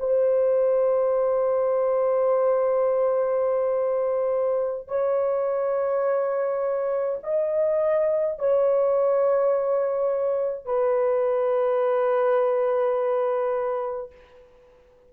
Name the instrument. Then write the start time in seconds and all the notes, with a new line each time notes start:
horn
0.00 C5
4.88 C#5
7.24 D#5
8.39 C#5
10.65 B4